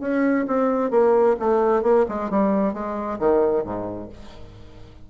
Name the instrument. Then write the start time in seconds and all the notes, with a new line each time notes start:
bassoon
0.00 C#4
0.47 C4
0.90 A#3
1.39 A3
1.82 A#3
2.08 G#3
2.30 G3
2.73 G#3
3.19 D#3
3.63 G#2